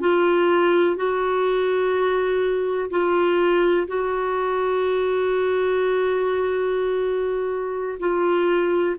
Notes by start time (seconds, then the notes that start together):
0.00 F4
0.96 F#4
2.90 F4
3.87 F#4
7.99 F4